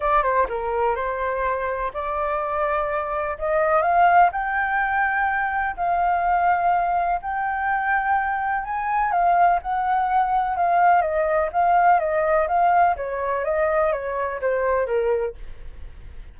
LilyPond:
\new Staff \with { instrumentName = "flute" } { \time 4/4 \tempo 4 = 125 d''8 c''8 ais'4 c''2 | d''2. dis''4 | f''4 g''2. | f''2. g''4~ |
g''2 gis''4 f''4 | fis''2 f''4 dis''4 | f''4 dis''4 f''4 cis''4 | dis''4 cis''4 c''4 ais'4 | }